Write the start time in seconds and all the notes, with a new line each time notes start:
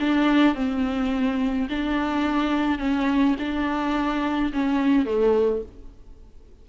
0.00 D4
0.55 C4
1.70 D4
2.79 C#4
3.39 D4
4.53 C#4
5.06 A3